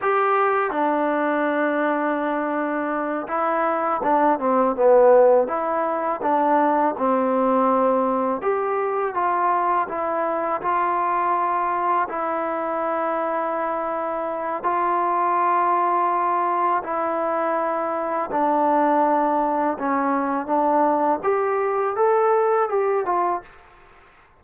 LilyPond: \new Staff \with { instrumentName = "trombone" } { \time 4/4 \tempo 4 = 82 g'4 d'2.~ | d'8 e'4 d'8 c'8 b4 e'8~ | e'8 d'4 c'2 g'8~ | g'8 f'4 e'4 f'4.~ |
f'8 e'2.~ e'8 | f'2. e'4~ | e'4 d'2 cis'4 | d'4 g'4 a'4 g'8 f'8 | }